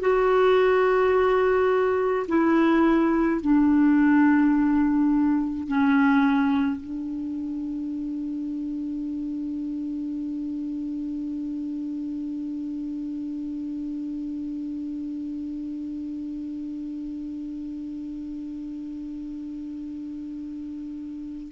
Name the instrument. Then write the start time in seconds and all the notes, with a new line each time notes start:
clarinet
0.00 F#4
2.28 E4
3.41 D4
5.67 C#4
6.81 D4